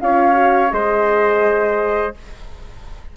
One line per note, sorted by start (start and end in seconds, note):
0.00 0.72 C#4
0.00 0.33 F4
0.00 0.74 C#5
0.00 0.71 F5
0.33 0.69 F#4
0.71 2.15 G#3
0.71 2.13 G#4
0.71 2.17 C5
0.71 2.14 D#5